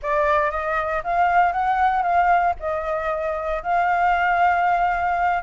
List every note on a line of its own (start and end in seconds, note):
0.02 0.50 D5
0.50 1.02 D#5
1.03 1.52 F5
1.52 2.02 F#5
2.02 2.54 F5
2.59 3.63 D#5
3.63 5.43 F5